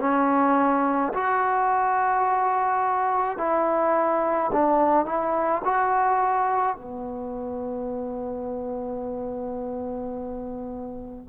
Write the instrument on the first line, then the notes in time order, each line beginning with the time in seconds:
trombone
0.00 C#4
1.14 F#4
3.38 E4
4.53 D4
5.06 E4
5.65 F#4
6.77 B3